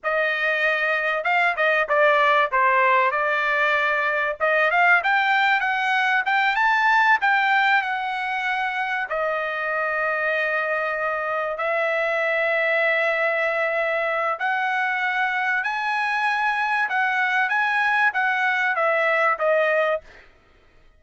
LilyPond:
\new Staff \with { instrumentName = "trumpet" } { \time 4/4 \tempo 4 = 96 dis''2 f''8 dis''8 d''4 | c''4 d''2 dis''8 f''8 | g''4 fis''4 g''8 a''4 g''8~ | g''8 fis''2 dis''4.~ |
dis''2~ dis''8 e''4.~ | e''2. fis''4~ | fis''4 gis''2 fis''4 | gis''4 fis''4 e''4 dis''4 | }